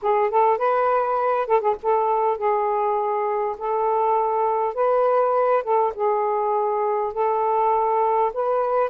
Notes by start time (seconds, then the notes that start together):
0.01 G#4
0.30 A4
0.58 B4
1.47 A4
1.60 G#4
1.82 A4
2.37 G#4
3.58 A4
4.74 B4
5.63 A4
5.94 G#4
7.13 A4
8.33 B4